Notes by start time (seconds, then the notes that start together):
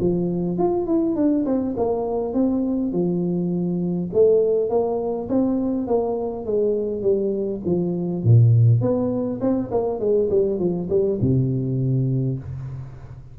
0.00 F3
0.58 F4
0.86 E4
1.16 D4
1.46 C4
1.77 A#3
2.33 C4
2.92 F3
4.13 A3
4.70 A#3
5.29 C4
5.87 A#3
6.45 G#3
7.02 G3
7.65 F3
8.24 A#2
8.81 B3
9.41 C4
9.71 A#3
10.00 G#3
10.30 G3
10.59 F3
10.90 G3
11.21 C3